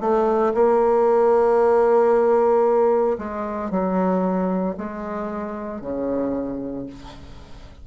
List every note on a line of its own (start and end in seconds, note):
0.00 0.53 A3
0.54 3.17 A#3
3.18 3.70 G#3
3.70 4.76 F#3
4.77 5.81 G#3
5.81 6.86 C#3